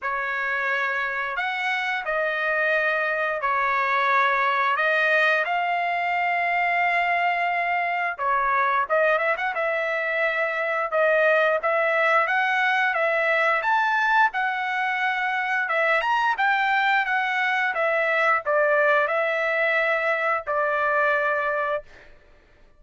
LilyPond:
\new Staff \with { instrumentName = "trumpet" } { \time 4/4 \tempo 4 = 88 cis''2 fis''4 dis''4~ | dis''4 cis''2 dis''4 | f''1 | cis''4 dis''8 e''16 fis''16 e''2 |
dis''4 e''4 fis''4 e''4 | a''4 fis''2 e''8 ais''8 | g''4 fis''4 e''4 d''4 | e''2 d''2 | }